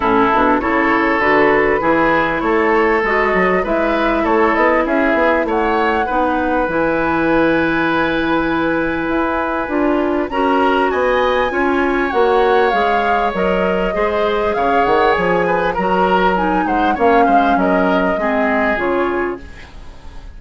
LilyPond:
<<
  \new Staff \with { instrumentName = "flute" } { \time 4/4 \tempo 4 = 99 a'4 cis''4 b'2 | cis''4 dis''4 e''4 cis''8 dis''8 | e''4 fis''2 gis''4~ | gis''1~ |
gis''4 ais''4 gis''2 | fis''4 f''4 dis''2 | f''8 fis''8 gis''4 ais''4 gis''8 fis''8 | f''4 dis''2 cis''4 | }
  \new Staff \with { instrumentName = "oboe" } { \time 4/4 e'4 a'2 gis'4 | a'2 b'4 a'4 | gis'4 cis''4 b'2~ | b'1~ |
b'4 ais'4 dis''4 cis''4~ | cis''2. c''4 | cis''4. b'8 ais'4. c''8 | cis''8 c''8 ais'4 gis'2 | }
  \new Staff \with { instrumentName = "clarinet" } { \time 4/4 cis'8 d'8 e'4 fis'4 e'4~ | e'4 fis'4 e'2~ | e'2 dis'4 e'4~ | e'1 |
f'4 fis'2 f'4 | fis'4 gis'4 ais'4 gis'4~ | gis'2 fis'4 dis'4 | cis'2 c'4 f'4 | }
  \new Staff \with { instrumentName = "bassoon" } { \time 4/4 a,8 b,8 cis4 d4 e4 | a4 gis8 fis8 gis4 a8 b8 | cis'8 b8 a4 b4 e4~ | e2. e'4 |
d'4 cis'4 b4 cis'4 | ais4 gis4 fis4 gis4 | cis8 dis8 f4 fis4. gis8 | ais8 gis8 fis4 gis4 cis4 | }
>>